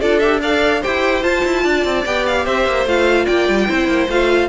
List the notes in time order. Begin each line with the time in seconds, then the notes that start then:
0.00 D4 F4 A4 D5
0.19 G4 E5
0.42 A4 D5 F5
0.80 E4 G4 C5 G5
1.22 F4 A5
1.44 E4
1.63 D4 D5
1.85 C4
2.05 B3 G4 G5
2.26 F5
2.45 C4 C5 E5
2.66 A#3
2.85 A3 F4 F5
3.25 A#3 D5 G5
3.48 G3
3.67 C4 E4 C5
3.87 A#3
4.08 A3 F4 F5